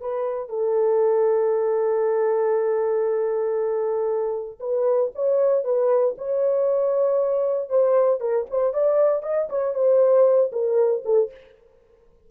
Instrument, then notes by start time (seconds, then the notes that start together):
horn
0.00 B4
0.49 A4
4.60 B4
5.15 C#5
5.64 B4
6.18 C#5
7.69 C5
8.20 A#4
8.50 C5
8.73 D5
9.22 D#5
9.49 C#5
9.74 C5
10.52 A#4
11.05 A4